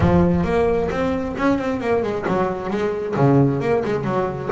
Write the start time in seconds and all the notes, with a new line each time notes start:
0.00 F3
0.44 A#3
0.90 C4
1.37 C#4
1.58 C4
1.80 A#3
2.02 G#3
2.27 F#3
2.69 G#3
3.15 C#3
3.60 A#3
3.84 G#3
4.04 F#3